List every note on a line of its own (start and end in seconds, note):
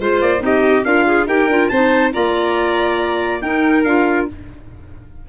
0.00 0.22 G#3
0.00 0.39 F4
0.00 0.43 C5
0.00 0.22 C5
0.22 0.41 A#3
0.22 0.43 D5
0.39 0.84 C4
0.39 0.82 D#4
0.45 0.87 G4
0.45 0.85 D#5
0.85 1.27 D4
0.85 1.27 F4
0.85 1.06 A#4
0.85 1.27 F5
1.07 1.28 G#4
1.27 1.48 D#4
1.27 1.49 G4
1.27 1.70 A#4
1.27 1.69 G5
1.48 1.69 D4
1.48 1.72 F4
1.69 2.14 C4
1.69 2.13 D#4
1.69 2.13 C5
1.69 2.11 A5
2.13 3.42 A#3
2.13 3.42 F4
2.13 3.43 D5
2.13 3.42 A#5
3.42 3.85 D#4
3.42 3.86 D#4
3.42 4.29 A#4
3.42 3.84 G5
3.84 4.27 D4
3.84 4.28 F4
3.84 4.27 F5